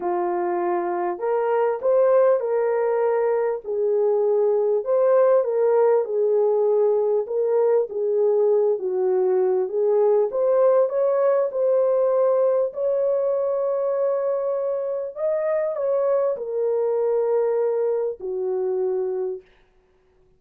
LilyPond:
\new Staff \with { instrumentName = "horn" } { \time 4/4 \tempo 4 = 99 f'2 ais'4 c''4 | ais'2 gis'2 | c''4 ais'4 gis'2 | ais'4 gis'4. fis'4. |
gis'4 c''4 cis''4 c''4~ | c''4 cis''2.~ | cis''4 dis''4 cis''4 ais'4~ | ais'2 fis'2 | }